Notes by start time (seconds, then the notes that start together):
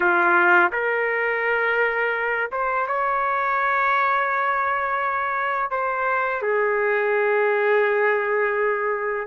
0.00 F4
0.72 A#4
2.51 C5
2.87 C#5
5.70 C5
6.42 G#4